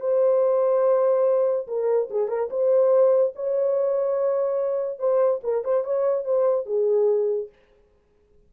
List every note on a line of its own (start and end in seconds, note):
0.00 1.67 C5
1.67 2.09 A#4
2.10 2.28 G#4
2.28 2.49 A#4
2.50 3.33 C5
3.35 4.99 C#5
4.99 5.41 C5
5.43 5.64 A#4
5.64 5.84 C5
5.84 6.24 C#5
6.24 6.65 C5
6.65 7.49 G#4